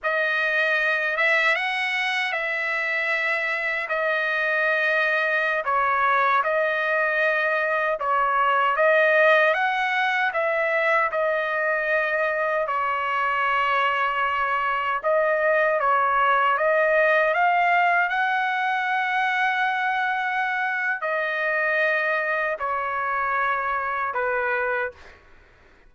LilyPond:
\new Staff \with { instrumentName = "trumpet" } { \time 4/4 \tempo 4 = 77 dis''4. e''8 fis''4 e''4~ | e''4 dis''2~ dis''16 cis''8.~ | cis''16 dis''2 cis''4 dis''8.~ | dis''16 fis''4 e''4 dis''4.~ dis''16~ |
dis''16 cis''2. dis''8.~ | dis''16 cis''4 dis''4 f''4 fis''8.~ | fis''2. dis''4~ | dis''4 cis''2 b'4 | }